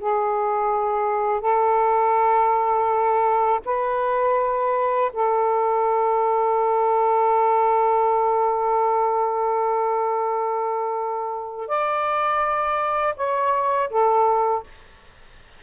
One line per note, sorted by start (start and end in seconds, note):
0.00 1.41 G#4
1.41 3.61 A4
3.66 5.12 B4
5.13 11.68 A4
11.68 13.14 D5
13.16 13.90 C#5
13.90 14.63 A4